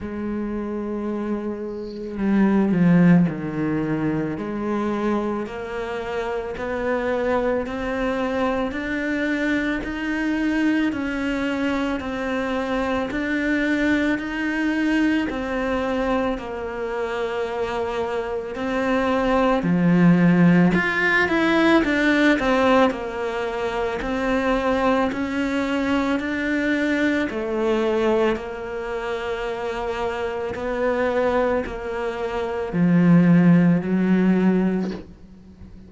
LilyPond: \new Staff \with { instrumentName = "cello" } { \time 4/4 \tempo 4 = 55 gis2 g8 f8 dis4 | gis4 ais4 b4 c'4 | d'4 dis'4 cis'4 c'4 | d'4 dis'4 c'4 ais4~ |
ais4 c'4 f4 f'8 e'8 | d'8 c'8 ais4 c'4 cis'4 | d'4 a4 ais2 | b4 ais4 f4 fis4 | }